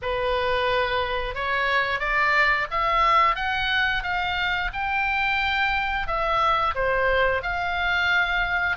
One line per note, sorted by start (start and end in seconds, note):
0.02 1.34 B4
1.34 1.99 C#5
1.99 2.66 D5
2.70 3.35 E5
3.35 4.03 F#5
4.03 4.70 F5
4.73 6.07 G5
6.07 6.74 E5
6.74 7.42 C5
7.42 8.76 F5